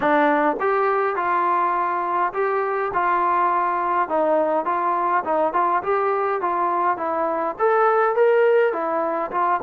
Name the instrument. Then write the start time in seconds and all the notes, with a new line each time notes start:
trombone
0.00 D4
0.60 G4
1.16 F4
2.33 G4
2.93 F4
4.08 D#4
4.65 F4
5.24 D#4
5.53 F4
5.83 G4
6.41 F4
6.97 E4
7.58 A4
8.15 A#4
8.72 E4
9.31 F4